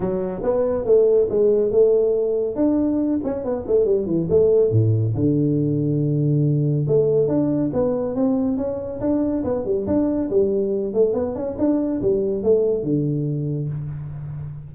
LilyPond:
\new Staff \with { instrumentName = "tuba" } { \time 4/4 \tempo 4 = 140 fis4 b4 a4 gis4 | a2 d'4. cis'8 | b8 a8 g8 e8 a4 a,4 | d1 |
a4 d'4 b4 c'4 | cis'4 d'4 b8 g8 d'4 | g4. a8 b8 cis'8 d'4 | g4 a4 d2 | }